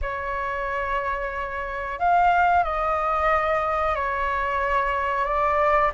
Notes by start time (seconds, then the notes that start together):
0.01 C#5
1.99 F5
2.63 D#5
3.95 C#5
5.24 D5